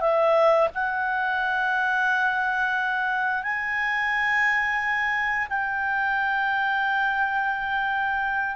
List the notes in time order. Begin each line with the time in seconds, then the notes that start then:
0.00 E5
0.74 F#5
3.43 G#5
5.49 G5